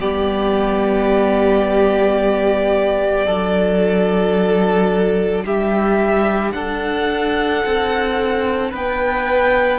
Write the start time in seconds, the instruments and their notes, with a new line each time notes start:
0.00 cello G3, viola B3, violin G4 D5
3.27 cello F#3, viola D4, violin A4
5.45 cello G3, violin G4 E5
6.52 cello D4, violin A4 F#5
7.66 cello C4
8.71 cello B3, violin B4 G5